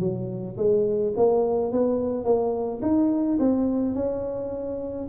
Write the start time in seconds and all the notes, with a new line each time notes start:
0.00 F#3
0.57 G#3
1.17 A#3
1.72 B3
2.25 A#3
2.82 D#4
3.40 C4
3.95 C#4